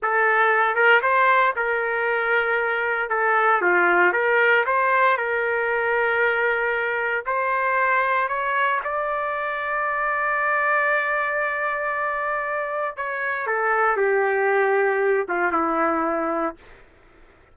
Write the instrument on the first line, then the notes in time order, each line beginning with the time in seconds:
trumpet
0.02 A4
0.75 A#4
1.02 C5
1.55 A#4
3.09 A4
3.61 F4
4.12 A#4
4.66 C5
5.17 A#4
7.26 C5
8.28 C#5
8.84 D5
12.96 C#5
13.46 A4
13.97 G4
15.28 F4
15.52 E4